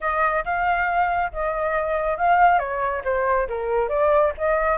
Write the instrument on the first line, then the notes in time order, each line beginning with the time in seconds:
flute
0.00 D#5
0.44 F5
1.32 D#5
2.17 F5
2.58 C#5
3.04 C5
3.48 A#4
3.89 D5
4.37 D#5